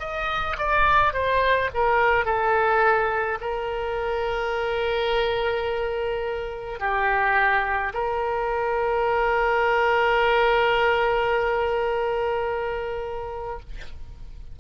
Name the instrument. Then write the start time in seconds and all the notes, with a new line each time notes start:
oboe
0.00 D#5
0.58 D5
1.14 C5
1.74 A#4
2.26 A4
3.41 A#4
6.80 G4
7.94 A#4